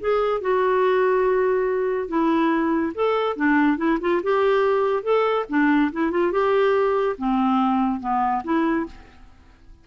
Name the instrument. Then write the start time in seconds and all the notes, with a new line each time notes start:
clarinet
0.00 G#4
0.41 F#4
2.08 E4
2.94 A4
3.36 D4
3.77 E4
4.01 F4
4.23 G4
5.03 A4
5.49 D4
5.92 E4
6.11 F4
6.32 G4
7.18 C4
8.00 B3
8.44 E4